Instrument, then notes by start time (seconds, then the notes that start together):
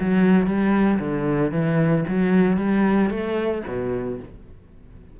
cello
0.00 F#3
0.46 G3
0.99 D3
1.52 E3
2.08 F#3
2.57 G3
3.10 A3
3.67 B2